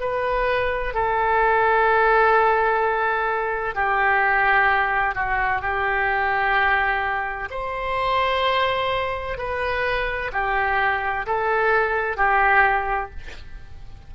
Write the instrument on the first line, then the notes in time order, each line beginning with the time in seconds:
oboe
0.00 B4
0.94 A4
3.75 G4
5.15 F#4
5.61 G4
7.50 C5
9.37 B4
10.33 G4
11.27 A4
12.17 G4